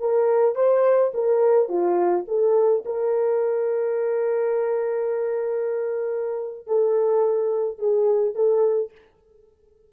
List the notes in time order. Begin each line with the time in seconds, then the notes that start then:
0.00 A#4
0.55 C5
1.14 A#4
1.69 F4
2.28 A4
2.85 A#4
6.67 A4
7.79 G#4
8.35 A4